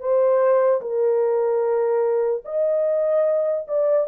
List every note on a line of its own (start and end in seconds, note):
0.00 0.81 C5
0.81 2.44 A#4
2.45 3.67 D#5
3.68 4.08 D5